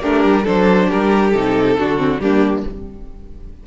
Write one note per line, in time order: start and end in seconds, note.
0.00 0.24 A3
0.00 0.42 D4
0.00 0.44 G4
0.00 0.46 A#4
0.24 0.46 G3
0.42 0.91 F#3
0.42 1.32 D4
0.42 0.86 A4
0.42 0.90 C5
0.88 1.34 G3
0.88 1.76 G4
0.88 1.31 A#4
1.31 1.78 C3
1.31 1.78 D#4
1.31 2.18 A4
1.78 2.19 D3
1.78 1.97 D4
1.78 2.21 F#4
1.97 2.19 C4
2.19 2.63 G3
2.19 2.66 A#3
2.19 2.65 D4
2.19 2.63 G4